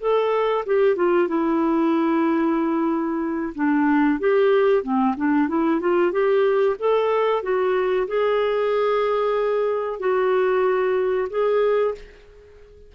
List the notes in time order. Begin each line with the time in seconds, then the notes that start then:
0.00 A4
0.66 G4
0.96 F4
1.28 E4
3.55 D4
4.20 G4
4.83 C4
5.16 D4
5.48 E4
5.80 F4
6.12 G4
6.79 A4
7.42 F#4
8.07 G#4
9.99 F#4
11.30 G#4